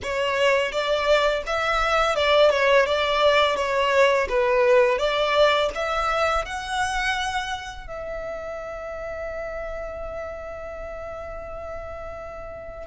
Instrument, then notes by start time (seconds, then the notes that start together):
violin
0.02 C#5
0.71 D5
1.46 E5
2.15 D5
2.50 C#5
2.85 D5
3.56 C#5
4.29 B4
4.98 D5
5.75 E5
6.45 F#5
7.87 E5